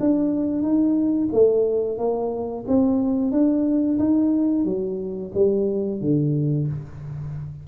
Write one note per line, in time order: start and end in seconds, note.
0.00 0.62 D4
0.62 1.29 D#4
1.32 1.98 A3
1.98 2.65 A#3
2.68 3.32 C4
3.32 3.98 D4
3.99 4.65 D#4
4.65 5.32 F#3
5.35 6.01 G3
6.01 6.68 D3